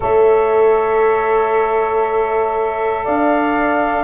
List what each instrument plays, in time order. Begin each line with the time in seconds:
0.00 tuba A3, saxophone A4, horn C#5, flute E5
3.04 tuba D4, horn D5, flute F5